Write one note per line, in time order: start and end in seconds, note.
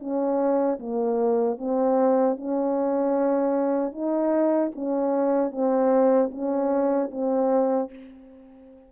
0.00 0.79 C#4
0.80 1.59 A#3
1.59 2.38 C4
2.38 3.93 C#4
3.93 4.72 D#4
4.75 5.52 C#4
5.52 6.31 C4
6.32 7.11 C#4
7.12 7.91 C4